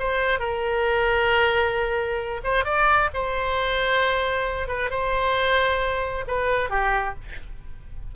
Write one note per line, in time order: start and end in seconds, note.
0.00 0.40 C5
0.40 2.41 A#4
2.44 2.65 C5
2.65 3.10 D5
3.14 4.68 C5
4.68 4.91 B4
4.91 6.25 C5
6.27 6.70 B4
6.70 7.15 G4